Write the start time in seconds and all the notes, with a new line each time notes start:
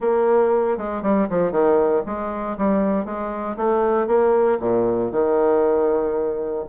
0.00 A#3
0.77 G#3
1.02 G3
1.29 F3
1.51 D#3
2.06 G#3
2.57 G3
3.05 G#3
3.56 A3
4.07 A#3
4.60 A#2
5.11 D#3